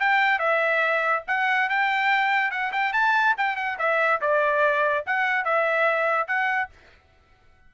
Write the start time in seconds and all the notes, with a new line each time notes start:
0.00 G5
0.39 E5
1.28 F#5
1.70 G5
2.51 F#5
2.73 G5
2.93 A5
3.38 G5
3.56 F#5
3.79 E5
4.21 D5
5.07 F#5
5.45 E5
6.28 F#5